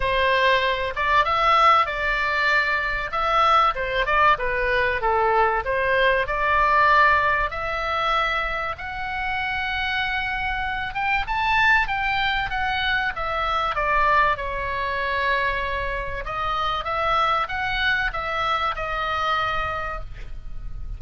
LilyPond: \new Staff \with { instrumentName = "oboe" } { \time 4/4 \tempo 4 = 96 c''4. d''8 e''4 d''4~ | d''4 e''4 c''8 d''8 b'4 | a'4 c''4 d''2 | e''2 fis''2~ |
fis''4. g''8 a''4 g''4 | fis''4 e''4 d''4 cis''4~ | cis''2 dis''4 e''4 | fis''4 e''4 dis''2 | }